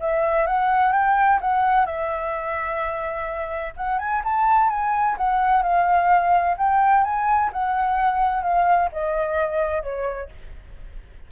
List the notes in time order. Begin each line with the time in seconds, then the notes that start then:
0.00 E5
0.47 F#5
0.93 G5
1.41 F#5
1.86 E5
3.77 F#5
3.99 G#5
4.24 A5
4.70 G#5
5.18 F#5
5.63 F5
6.58 G5
7.04 G#5
7.53 F#5
8.43 F5
8.93 D#5
9.83 C#5